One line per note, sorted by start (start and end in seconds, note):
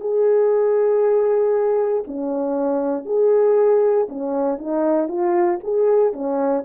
0.00 2.03 G#4
2.07 3.06 C#4
3.06 4.07 G#4
4.09 4.58 C#4
4.58 5.08 D#4
5.08 5.59 F4
5.63 6.13 G#4
6.13 6.64 C#4